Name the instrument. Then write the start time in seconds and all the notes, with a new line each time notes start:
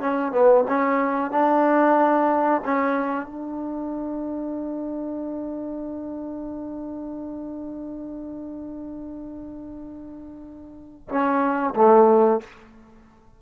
trombone
0.00 C#4
0.32 B3
0.68 C#4
1.31 D4
2.64 C#4
3.26 D4
11.09 C#4
11.75 A3